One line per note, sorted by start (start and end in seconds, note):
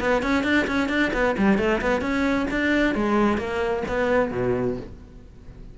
0.00 0.22 B3
0.22 0.43 C#4
0.43 0.66 D4
0.67 0.89 C#4
0.89 1.12 D4
1.13 1.36 B3
1.38 1.58 G3
1.58 1.81 A3
1.81 2.01 B3
2.01 2.46 C#4
2.51 2.95 D4
2.95 3.37 G#3
3.37 3.83 A#3
3.88 4.31 B3
4.31 4.77 B2